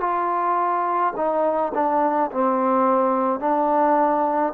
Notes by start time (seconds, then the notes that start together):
0.00 F4
1.16 D#4
1.74 D4
2.31 C4
3.40 D4